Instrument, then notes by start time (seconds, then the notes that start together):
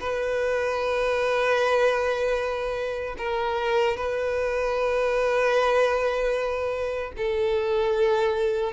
violin
0.00 B4
3.17 A#4
3.96 B4
7.17 A4